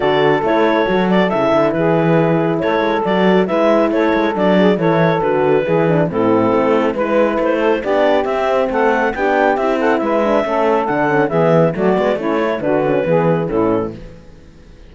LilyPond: <<
  \new Staff \with { instrumentName = "clarinet" } { \time 4/4 \tempo 4 = 138 d''4 cis''4. d''8 e''4 | b'2 cis''4 d''4 | e''4 cis''4 d''4 cis''4 | b'2 a'2 |
b'4 c''4 d''4 e''4 | fis''4 g''4 e''8 fis''8 e''4~ | e''4 fis''4 e''4 d''4 | cis''4 b'2 a'4 | }
  \new Staff \with { instrumentName = "saxophone" } { \time 4/4 a'1 | gis'2 a'2 | b'4 a'4. gis'8 a'4~ | a'4 gis'4 e'2 |
b'4. a'8 g'2 | a'4 g'4. a'8 b'4 | a'2 gis'4 fis'4 | e'4 fis'4 gis'4 e'4 | }
  \new Staff \with { instrumentName = "horn" } { \time 4/4 fis'4 e'4 fis'4 e'4~ | e'2. fis'4 | e'2 d'4 e'4 | fis'4 e'8 d'8 c'2 |
e'2 d'4 c'4~ | c'4 d'4 e'4. d'8 | cis'4 d'8 cis'8 b4 a8 b8 | cis'8 e'8 d'8 cis'8 b4 cis'4 | }
  \new Staff \with { instrumentName = "cello" } { \time 4/4 d4 a4 fis4 cis8 d8 | e2 a8 gis8 fis4 | gis4 a8 gis8 fis4 e4 | d4 e4 a,4 a4 |
gis4 a4 b4 c'4 | a4 b4 c'4 gis4 | a4 d4 e4 fis8 gis8 | a4 d4 e4 a,4 | }
>>